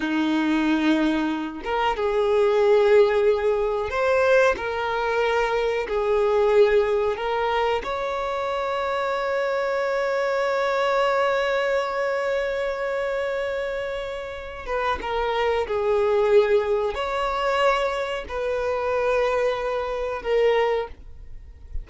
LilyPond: \new Staff \with { instrumentName = "violin" } { \time 4/4 \tempo 4 = 92 dis'2~ dis'8 ais'8 gis'4~ | gis'2 c''4 ais'4~ | ais'4 gis'2 ais'4 | cis''1~ |
cis''1~ | cis''2~ cis''8 b'8 ais'4 | gis'2 cis''2 | b'2. ais'4 | }